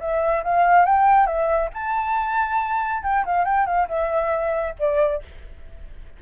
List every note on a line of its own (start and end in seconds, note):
0.00 0.43 E5
0.44 0.86 F5
0.86 1.27 G5
1.27 1.70 E5
1.74 3.03 A5
3.03 3.25 G5
3.26 3.45 F5
3.45 3.66 G5
3.66 3.88 F5
3.88 4.75 E5
4.79 5.22 D5